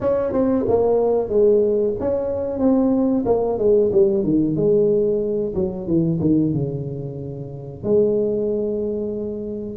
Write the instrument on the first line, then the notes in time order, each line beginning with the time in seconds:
tuba
0.00 C#4
0.32 C4
0.68 A#3
1.29 G#3
2.00 C#4
2.59 C4
3.25 A#3
3.58 G#3
3.92 G3
4.23 D#3
4.56 G#3
5.54 F#3
5.87 E3
6.20 D#3
6.53 C#3
7.83 G#3